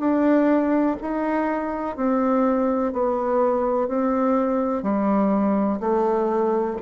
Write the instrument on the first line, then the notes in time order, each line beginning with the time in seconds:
bassoon
0.00 D4
1.02 D#4
1.97 C4
2.93 B3
3.88 C4
4.83 G3
5.80 A3